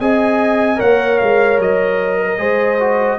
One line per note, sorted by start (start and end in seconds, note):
0.00 0.80 C4
0.00 0.76 G#4
0.00 0.78 D#5
0.00 0.81 G#5
0.76 1.21 A#3
0.76 2.36 A#4
0.76 2.18 C#5
0.76 1.19 F#5
1.19 1.59 G#3
1.19 1.59 F5
1.59 2.39 F#3
1.59 3.19 D#5
2.21 2.40 A#4
2.38 3.19 G#3
2.38 2.78 G#4
2.38 3.19 C5
2.80 3.19 F#4